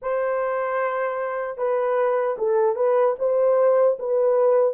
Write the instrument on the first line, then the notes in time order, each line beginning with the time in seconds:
horn
0.02 C5
1.57 B4
2.38 A4
2.75 B4
3.19 C5
3.99 B4